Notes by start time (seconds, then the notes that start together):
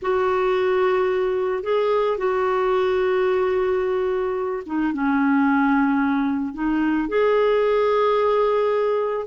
0.01 F#4
1.63 G#4
2.17 F#4
4.66 D#4
4.93 C#4
6.53 D#4
7.08 G#4